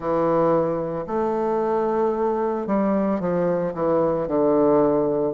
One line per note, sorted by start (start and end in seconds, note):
0.00 1.05 E3
1.07 2.66 A3
2.66 3.19 G3
3.19 3.73 F3
3.74 4.27 E3
4.27 5.33 D3